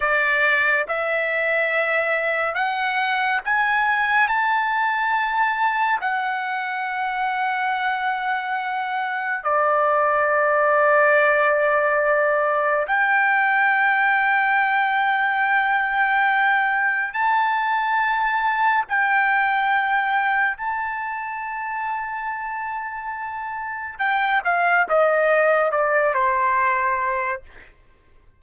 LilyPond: \new Staff \with { instrumentName = "trumpet" } { \time 4/4 \tempo 4 = 70 d''4 e''2 fis''4 | gis''4 a''2 fis''4~ | fis''2. d''4~ | d''2. g''4~ |
g''1 | a''2 g''2 | a''1 | g''8 f''8 dis''4 d''8 c''4. | }